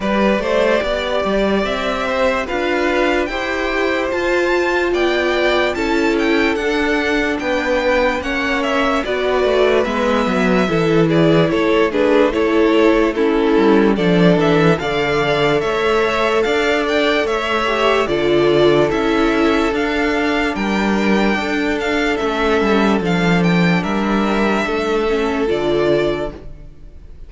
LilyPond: <<
  \new Staff \with { instrumentName = "violin" } { \time 4/4 \tempo 4 = 73 d''2 e''4 f''4 | g''4 a''4 g''4 a''8 g''8 | fis''4 g''4 fis''8 e''8 d''4 | e''4. d''8 cis''8 b'8 cis''4 |
a'4 d''8 e''8 f''4 e''4 | f''8 g''8 e''4 d''4 e''4 | f''4 g''4. f''8 e''4 | f''8 g''8 e''2 d''4 | }
  \new Staff \with { instrumentName = "violin" } { \time 4/4 b'8 c''8 d''4. c''8 b'4 | c''2 d''4 a'4~ | a'4 b'4 cis''4 b'4~ | b'4 a'8 gis'8 a'8 gis'8 a'4 |
e'4 a'4 d''4 cis''4 | d''4 cis''4 a'2~ | a'4 ais'4 a'2~ | a'4 ais'4 a'2 | }
  \new Staff \with { instrumentName = "viola" } { \time 4/4 g'2. f'4 | g'4 f'2 e'4 | d'2 cis'4 fis'4 | b4 e'4. d'8 e'4 |
cis'4 d'4 a'2~ | a'4. g'8 f'4 e'4 | d'2. cis'4 | d'2~ d'8 cis'8 f'4 | }
  \new Staff \with { instrumentName = "cello" } { \time 4/4 g8 a8 b8 g8 c'4 d'4 | e'4 f'4 b4 cis'4 | d'4 b4 ais4 b8 a8 | gis8 fis8 e4 a2~ |
a8 g8 f8 e8 d4 a4 | d'4 a4 d4 cis'4 | d'4 g4 d'4 a8 g8 | f4 g4 a4 d4 | }
>>